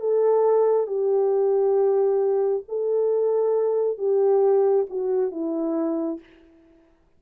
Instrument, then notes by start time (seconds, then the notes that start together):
horn
0.00 A4
0.87 G4
2.69 A4
3.98 G4
4.90 F#4
5.31 E4